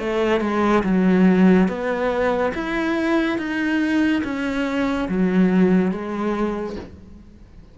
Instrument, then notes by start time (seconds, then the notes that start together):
cello
0.00 A3
0.41 G#3
0.84 F#3
1.69 B3
2.55 E4
3.38 D#4
4.24 C#4
5.09 F#3
5.92 G#3